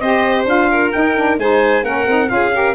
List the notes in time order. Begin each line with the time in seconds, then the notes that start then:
0.00 C4 G4 C5 D#5
0.46 D4 F4 F5
0.71 A#4
0.93 D#4 G5
1.16 D4
1.38 G#3 D#4 C5 G#5
1.84 A#3 C#4 A#4 F#5
2.08 C4 D#4
2.28 C#4 F4 F5
2.35 G#4
2.53 G4 A#4